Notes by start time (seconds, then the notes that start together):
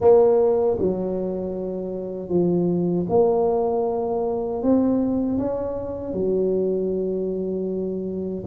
0.00 A#3
0.79 F#3
2.29 F3
3.09 A#3
4.63 C4
5.38 C#4
6.13 F#3